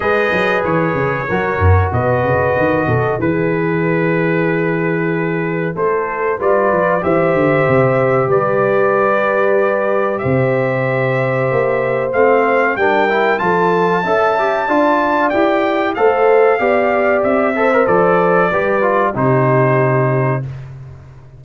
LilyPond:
<<
  \new Staff \with { instrumentName = "trumpet" } { \time 4/4 \tempo 4 = 94 dis''4 cis''2 dis''4~ | dis''4 b'2.~ | b'4 c''4 d''4 e''4~ | e''4 d''2. |
e''2. f''4 | g''4 a''2. | g''4 f''2 e''4 | d''2 c''2 | }
  \new Staff \with { instrumentName = "horn" } { \time 4/4 b'2 ais'4 b'4~ | b'8 a'8 gis'2.~ | gis'4 a'4 b'4 c''4~ | c''4 b'2. |
c''1 | ais'4 a'4 e''4 d''4~ | d''4 c''4 d''4. c''8~ | c''4 b'4 g'2 | }
  \new Staff \with { instrumentName = "trombone" } { \time 4/4 gis'2 fis'2~ | fis'4 e'2.~ | e'2 f'4 g'4~ | g'1~ |
g'2. c'4 | d'8 e'8 f'4 a'8 g'8 f'4 | g'4 a'4 g'4. a'16 ais'16 | a'4 g'8 f'8 dis'2 | }
  \new Staff \with { instrumentName = "tuba" } { \time 4/4 gis8 fis8 e8 cis8 fis8 fis,8 b,8 cis8 | dis8 b,8 e2.~ | e4 a4 g8 f8 e8 d8 | c4 g2. |
c2 ais4 a4 | g4 f4 cis'4 d'4 | e'4 a4 b4 c'4 | f4 g4 c2 | }
>>